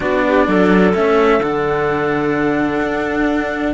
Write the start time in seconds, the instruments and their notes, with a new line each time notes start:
0.00 cello B3 D4, clarinet F#4, flute D5
0.27 clarinet G4
0.47 cello F#3, clarinet A4
0.94 cello A3 C#4, flute E5
1.39 cello D3 D4, flute F#5
2.81 cello D4